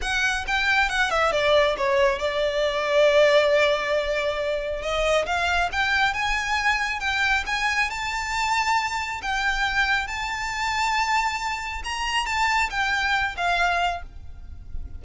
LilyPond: \new Staff \with { instrumentName = "violin" } { \time 4/4 \tempo 4 = 137 fis''4 g''4 fis''8 e''8 d''4 | cis''4 d''2.~ | d''2. dis''4 | f''4 g''4 gis''2 |
g''4 gis''4 a''2~ | a''4 g''2 a''4~ | a''2. ais''4 | a''4 g''4. f''4. | }